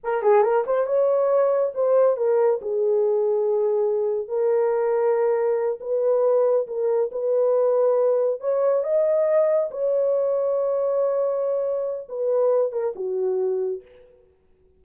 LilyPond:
\new Staff \with { instrumentName = "horn" } { \time 4/4 \tempo 4 = 139 ais'8 gis'8 ais'8 c''8 cis''2 | c''4 ais'4 gis'2~ | gis'2 ais'2~ | ais'4. b'2 ais'8~ |
ais'8 b'2. cis''8~ | cis''8 dis''2 cis''4.~ | cis''1 | b'4. ais'8 fis'2 | }